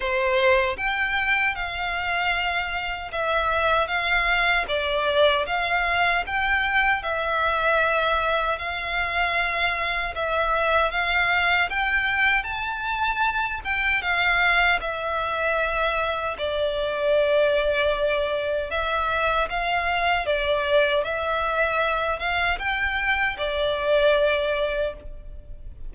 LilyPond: \new Staff \with { instrumentName = "violin" } { \time 4/4 \tempo 4 = 77 c''4 g''4 f''2 | e''4 f''4 d''4 f''4 | g''4 e''2 f''4~ | f''4 e''4 f''4 g''4 |
a''4. g''8 f''4 e''4~ | e''4 d''2. | e''4 f''4 d''4 e''4~ | e''8 f''8 g''4 d''2 | }